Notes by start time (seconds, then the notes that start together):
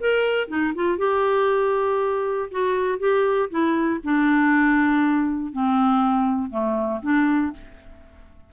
0.00 A#4
0.48 D#4
0.74 F4
0.98 G4
2.51 F#4
2.99 G4
3.50 E4
4.03 D4
5.52 C4
6.50 A3
7.02 D4